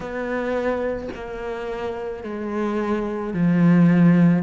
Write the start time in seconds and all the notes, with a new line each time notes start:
0.00 B3
1.15 A#3
2.23 G#3
3.33 F3